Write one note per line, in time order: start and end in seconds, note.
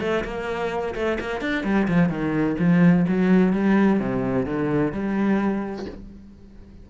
0.00 0.23 A3
0.24 0.94 A#3
0.94 1.18 A3
1.20 1.40 A#3
1.40 1.63 D4
1.63 1.87 G3
1.87 2.09 F3
2.09 2.55 D#3
2.59 3.06 F3
3.08 3.52 F#3
3.52 3.99 G3
3.99 4.46 C3
4.46 4.92 D3
4.92 5.86 G3